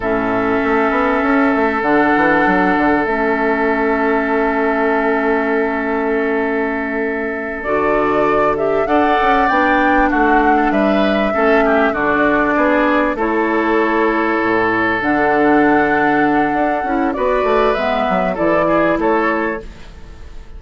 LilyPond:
<<
  \new Staff \with { instrumentName = "flute" } { \time 4/4 \tempo 4 = 98 e''2. fis''4~ | fis''4 e''2.~ | e''1~ | e''8 d''4. e''8 fis''4 g''8~ |
g''8 fis''4 e''2 d''8~ | d''4. cis''2~ cis''8~ | cis''8 fis''2.~ fis''8 | d''4 e''4 d''4 cis''4 | }
  \new Staff \with { instrumentName = "oboe" } { \time 4/4 a'1~ | a'1~ | a'1~ | a'2~ a'8 d''4.~ |
d''8 fis'8. a'16 b'4 a'8 g'8 fis'8~ | fis'8 gis'4 a'2~ a'8~ | a'1 | b'2 a'8 gis'8 a'4 | }
  \new Staff \with { instrumentName = "clarinet" } { \time 4/4 cis'2. d'4~ | d'4 cis'2.~ | cis'1~ | cis'8 fis'4. g'8 a'4 d'8~ |
d'2~ d'8 cis'4 d'8~ | d'4. e'2~ e'8~ | e'8 d'2. e'8 | fis'4 b4 e'2 | }
  \new Staff \with { instrumentName = "bassoon" } { \time 4/4 a,4 a8 b8 cis'8 a8 d8 e8 | fis8 d8 a2.~ | a1~ | a8 d2 d'8 cis'8 b8~ |
b8 a4 g4 a4 d8~ | d8 b4 a2 a,8~ | a,8 d2~ d8 d'8 cis'8 | b8 a8 gis8 fis8 e4 a4 | }
>>